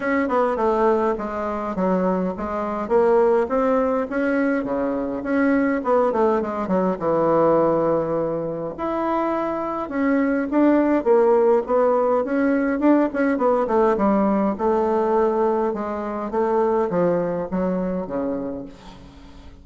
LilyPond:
\new Staff \with { instrumentName = "bassoon" } { \time 4/4 \tempo 4 = 103 cis'8 b8 a4 gis4 fis4 | gis4 ais4 c'4 cis'4 | cis4 cis'4 b8 a8 gis8 fis8 | e2. e'4~ |
e'4 cis'4 d'4 ais4 | b4 cis'4 d'8 cis'8 b8 a8 | g4 a2 gis4 | a4 f4 fis4 cis4 | }